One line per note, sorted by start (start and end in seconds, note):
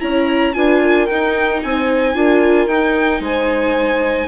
0.00 0.56 C#4
0.00 0.54 E4
0.00 0.55 C#5
0.00 0.53 A#5
0.53 1.09 D4
0.53 1.08 F4
0.53 0.81 B4
0.53 1.06 G#5
0.81 1.62 A#4
1.06 2.14 D#4
1.06 1.63 D#4
1.06 1.60 G5
1.62 2.15 C4
1.62 2.16 C5
1.62 2.67 G#5
2.14 2.67 D4
2.14 2.68 F4
2.14 3.22 A#4
2.67 3.20 D#4
2.67 4.28 D#4
2.67 3.20 G5
3.20 4.27 G#3
3.20 4.28 C5
3.20 4.28 G#5